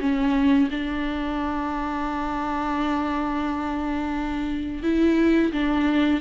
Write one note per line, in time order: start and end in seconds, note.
0.00 0.69 C#4
0.71 4.83 D4
4.83 5.52 E4
5.52 6.21 D4